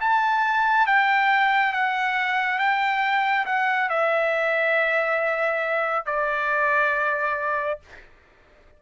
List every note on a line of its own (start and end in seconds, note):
0.00 0.87 A5
0.87 1.73 G5
1.73 2.58 F#5
2.58 3.45 G5
3.46 3.89 F#5
3.89 6.06 E5
6.06 7.79 D5